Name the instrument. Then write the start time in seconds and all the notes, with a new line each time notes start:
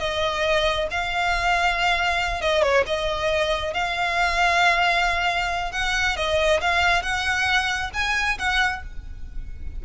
violin
0.00 D#5
0.91 F5
2.42 D#5
2.63 C#5
2.87 D#5
3.74 F5
5.73 F#5
6.17 D#5
6.61 F5
7.03 F#5
7.94 G#5
8.39 F#5